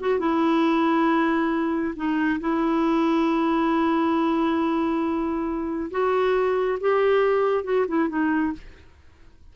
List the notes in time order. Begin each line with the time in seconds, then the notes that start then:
0.00 F#4
0.19 E4
1.96 D#4
2.40 E4
5.91 F#4
6.81 G4
7.64 F#4
7.88 E4
8.09 D#4